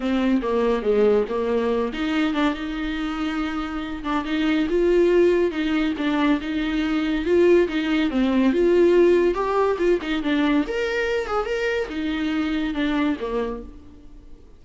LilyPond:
\new Staff \with { instrumentName = "viola" } { \time 4/4 \tempo 4 = 141 c'4 ais4 gis4 ais4~ | ais8 dis'4 d'8 dis'2~ | dis'4. d'8 dis'4 f'4~ | f'4 dis'4 d'4 dis'4~ |
dis'4 f'4 dis'4 c'4 | f'2 g'4 f'8 dis'8 | d'4 ais'4. gis'8 ais'4 | dis'2 d'4 ais4 | }